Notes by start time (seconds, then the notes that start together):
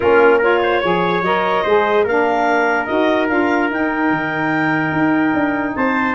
0.00 A#3 C#4 F4 A#4
0.37 F4 A#4 C#5
0.63 C5
0.80 F3 G#4 C#5
1.21 F#3 A#4 D#5
1.63 G#3 G#4 C5
2.04 A#3 D4 A#4 F5
2.85 D#4 F#4 D#5
3.28 D4 F4 F5
3.70 D#4 G5
4.10 D#3
4.92 D#4
5.34 D4
5.75 C4 C5 A5